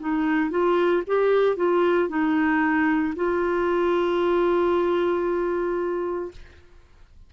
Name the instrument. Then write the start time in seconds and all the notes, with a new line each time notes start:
clarinet
0.00 D#4
0.51 F4
1.07 G4
1.56 F4
2.09 D#4
3.16 F4